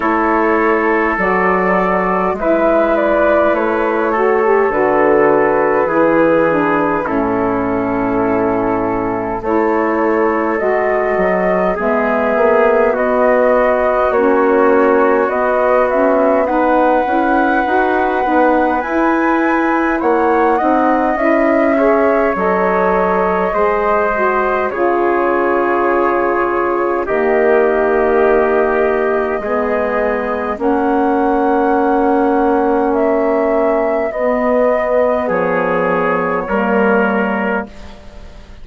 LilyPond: <<
  \new Staff \with { instrumentName = "flute" } { \time 4/4 \tempo 4 = 51 cis''4 d''4 e''8 d''8 cis''4 | b'2 a'2 | cis''4 dis''4 e''4 dis''4 | cis''4 dis''8 e''8 fis''2 |
gis''4 fis''4 e''4 dis''4~ | dis''4 cis''2 dis''4~ | dis''2 fis''2 | e''4 dis''4 cis''2 | }
  \new Staff \with { instrumentName = "trumpet" } { \time 4/4 a'2 b'4. a'8~ | a'4 gis'4 e'2 | a'2 gis'4 fis'4~ | fis'2 b'2~ |
b'4 cis''8 dis''4 cis''4. | c''4 gis'2 g'4~ | g'4 gis'4 fis'2~ | fis'2 gis'4 ais'4 | }
  \new Staff \with { instrumentName = "saxophone" } { \time 4/4 e'4 fis'4 e'4. fis'16 g'16 | fis'4 e'8 d'8 cis'2 | e'4 fis'4 b2 | cis'4 b8 cis'8 dis'8 e'8 fis'8 dis'8 |
e'4. dis'8 e'8 gis'8 a'4 | gis'8 fis'8 f'2 ais4~ | ais4 b4 cis'2~ | cis'4 b2 ais4 | }
  \new Staff \with { instrumentName = "bassoon" } { \time 4/4 a4 fis4 gis4 a4 | d4 e4 a,2 | a4 gis8 fis8 gis8 ais8 b4 | ais4 b4. cis'8 dis'8 b8 |
e'4 ais8 c'8 cis'4 fis4 | gis4 cis2 dis4~ | dis4 gis4 ais2~ | ais4 b4 f4 g4 | }
>>